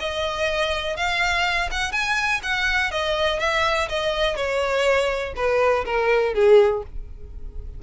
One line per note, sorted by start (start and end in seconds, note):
0.00 0.97 D#5
0.97 1.70 F5
1.72 1.93 F#5
1.93 2.41 G#5
2.43 2.92 F#5
2.92 3.40 D#5
3.40 3.89 E5
3.89 4.36 D#5
4.36 5.34 C#5
5.36 5.85 B4
5.86 6.34 A#4
6.35 6.83 G#4